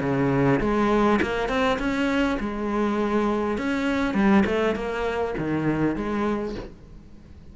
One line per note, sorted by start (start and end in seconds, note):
0.00 0.59 C#3
0.60 1.19 G#3
1.21 1.48 A#3
1.48 1.78 C4
1.78 2.38 C#4
2.40 3.57 G#3
3.57 4.14 C#4
4.14 4.43 G3
4.46 4.75 A3
4.75 5.34 A#3
5.37 5.95 D#3
5.95 6.55 G#3